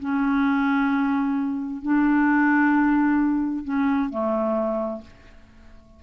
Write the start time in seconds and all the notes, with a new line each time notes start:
0.00 C#4
1.82 D4
3.64 C#4
4.10 A3